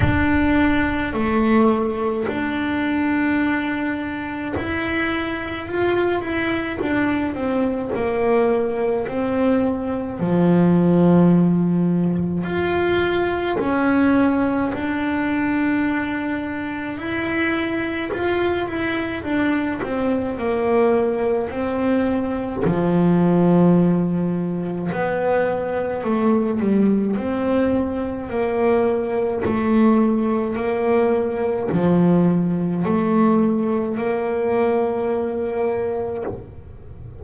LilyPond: \new Staff \with { instrumentName = "double bass" } { \time 4/4 \tempo 4 = 53 d'4 a4 d'2 | e'4 f'8 e'8 d'8 c'8 ais4 | c'4 f2 f'4 | cis'4 d'2 e'4 |
f'8 e'8 d'8 c'8 ais4 c'4 | f2 b4 a8 g8 | c'4 ais4 a4 ais4 | f4 a4 ais2 | }